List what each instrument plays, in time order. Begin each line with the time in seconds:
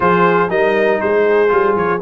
0.00 tuba F3, trombone F4, horn G#4, trumpet C5
0.48 tuba G3, trombone D#4, horn A#4, trumpet D#5
1.00 tuba G#3, horn G#4, trumpet C5
1.48 tuba G3, trombone F4
1.75 tuba F3, trumpet C#5